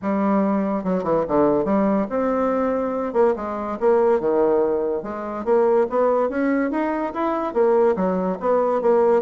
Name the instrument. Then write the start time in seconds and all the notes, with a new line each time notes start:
bassoon
0.02 G3
0.84 F#3
1.03 E3
1.27 D3
1.64 G3
2.09 C4
3.13 A#3
3.36 G#3
3.80 A#3
4.20 D#3
5.02 G#3
5.44 A#3
5.89 B3
6.29 C#4
6.70 D#4
7.13 E4
7.53 A#3
7.96 F#3
8.39 B3
8.81 A#3